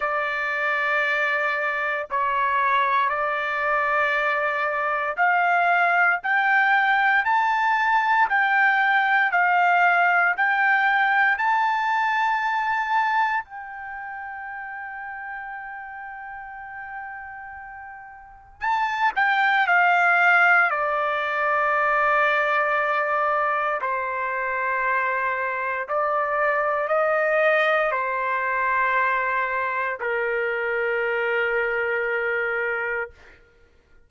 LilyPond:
\new Staff \with { instrumentName = "trumpet" } { \time 4/4 \tempo 4 = 58 d''2 cis''4 d''4~ | d''4 f''4 g''4 a''4 | g''4 f''4 g''4 a''4~ | a''4 g''2.~ |
g''2 a''8 g''8 f''4 | d''2. c''4~ | c''4 d''4 dis''4 c''4~ | c''4 ais'2. | }